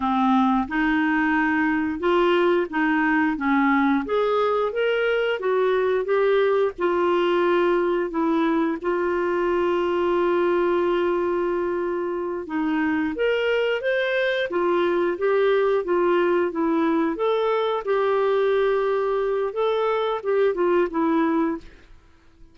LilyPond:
\new Staff \with { instrumentName = "clarinet" } { \time 4/4 \tempo 4 = 89 c'4 dis'2 f'4 | dis'4 cis'4 gis'4 ais'4 | fis'4 g'4 f'2 | e'4 f'2.~ |
f'2~ f'8 dis'4 ais'8~ | ais'8 c''4 f'4 g'4 f'8~ | f'8 e'4 a'4 g'4.~ | g'4 a'4 g'8 f'8 e'4 | }